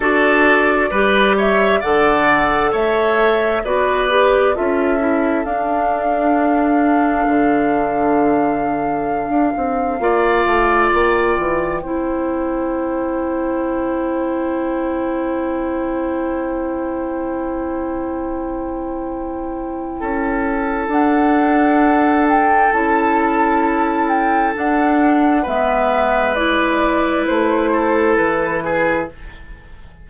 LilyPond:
<<
  \new Staff \with { instrumentName = "flute" } { \time 4/4 \tempo 4 = 66 d''4. e''8 fis''4 e''4 | d''4 e''4 f''2~ | f''1 | g''1~ |
g''1~ | g''2. fis''4~ | fis''8 g''8 a''4. g''8 fis''4 | e''4 d''4 c''4 b'4 | }
  \new Staff \with { instrumentName = "oboe" } { \time 4/4 a'4 b'8 cis''8 d''4 cis''4 | b'4 a'2.~ | a'2. d''4~ | d''4 c''2.~ |
c''1~ | c''2 a'2~ | a'1 | b'2~ b'8 a'4 gis'8 | }
  \new Staff \with { instrumentName = "clarinet" } { \time 4/4 fis'4 g'4 a'2 | fis'8 g'8 f'8 e'8 d'2~ | d'2. f'4~ | f'4 e'2.~ |
e'1~ | e'2. d'4~ | d'4 e'2 d'4 | b4 e'2. | }
  \new Staff \with { instrumentName = "bassoon" } { \time 4/4 d'4 g4 d4 a4 | b4 cis'4 d'2 | d2~ d16 d'16 c'8 ais8 a8 | ais8 e8 c'2.~ |
c'1~ | c'2 cis'4 d'4~ | d'4 cis'2 d'4 | gis2 a4 e4 | }
>>